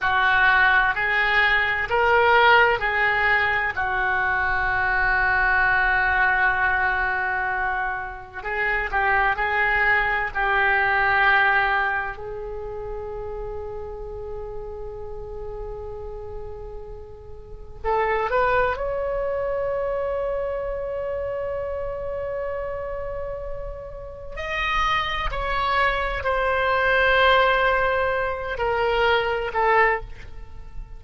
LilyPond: \new Staff \with { instrumentName = "oboe" } { \time 4/4 \tempo 4 = 64 fis'4 gis'4 ais'4 gis'4 | fis'1~ | fis'4 gis'8 g'8 gis'4 g'4~ | g'4 gis'2.~ |
gis'2. a'8 b'8 | cis''1~ | cis''2 dis''4 cis''4 | c''2~ c''8 ais'4 a'8 | }